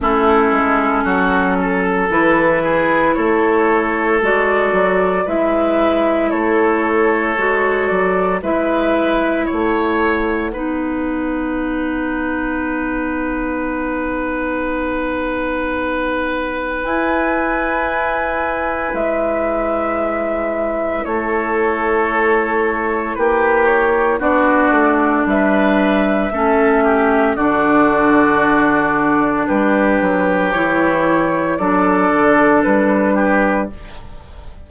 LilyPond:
<<
  \new Staff \with { instrumentName = "flute" } { \time 4/4 \tempo 4 = 57 a'2 b'4 cis''4 | d''4 e''4 cis''4. d''8 | e''4 fis''2.~ | fis''1 |
gis''2 e''2 | cis''2 b'8 cis''8 d''4 | e''2 d''2 | b'4 cis''4 d''4 b'4 | }
  \new Staff \with { instrumentName = "oboe" } { \time 4/4 e'4 fis'8 a'4 gis'8 a'4~ | a'4 b'4 a'2 | b'4 cis''4 b'2~ | b'1~ |
b'1 | a'2 g'4 fis'4 | b'4 a'8 g'8 fis'2 | g'2 a'4. g'8 | }
  \new Staff \with { instrumentName = "clarinet" } { \time 4/4 cis'2 e'2 | fis'4 e'2 fis'4 | e'2 dis'2~ | dis'1 |
e'1~ | e'2. d'4~ | d'4 cis'4 d'2~ | d'4 e'4 d'2 | }
  \new Staff \with { instrumentName = "bassoon" } { \time 4/4 a8 gis8 fis4 e4 a4 | gis8 fis8 gis4 a4 gis8 fis8 | gis4 a4 b2~ | b1 |
e'2 gis2 | a2 ais4 b8 a8 | g4 a4 d2 | g8 fis8 e4 fis8 d8 g4 | }
>>